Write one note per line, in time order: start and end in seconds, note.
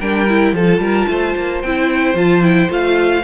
0.00 0.52 G3
0.00 0.28 D4
0.00 0.54 A#4
0.00 0.54 G5
0.28 0.55 E4
0.52 0.78 F3
0.52 1.64 F4
0.52 0.82 A4
0.52 1.62 A5
0.78 1.05 G3
0.78 1.09 A#4
1.08 1.35 A3
1.08 3.24 C5
1.36 1.63 A#3
1.62 2.14 C4
1.62 2.15 E4
1.62 2.16 G5
2.14 2.68 F3
2.14 2.42 F4
2.14 2.42 A5
2.42 2.68 E4
2.42 2.69 G5
2.68 3.23 A3
2.68 3.22 F4
2.68 3.24 F5